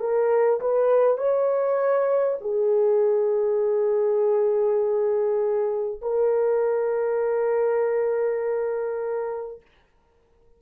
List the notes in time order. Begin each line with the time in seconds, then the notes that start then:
0.00 A#4
0.60 B4
1.17 C#5
2.41 G#4
6.01 A#4